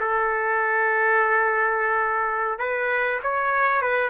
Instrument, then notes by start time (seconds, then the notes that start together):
trumpet
0.00 A4
2.59 B4
3.23 C#5
3.82 B4